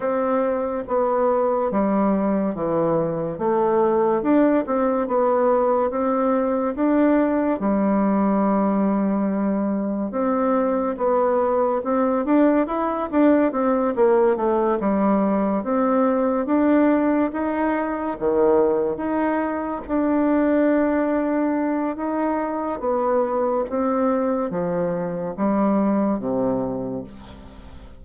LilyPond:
\new Staff \with { instrumentName = "bassoon" } { \time 4/4 \tempo 4 = 71 c'4 b4 g4 e4 | a4 d'8 c'8 b4 c'4 | d'4 g2. | c'4 b4 c'8 d'8 e'8 d'8 |
c'8 ais8 a8 g4 c'4 d'8~ | d'8 dis'4 dis4 dis'4 d'8~ | d'2 dis'4 b4 | c'4 f4 g4 c4 | }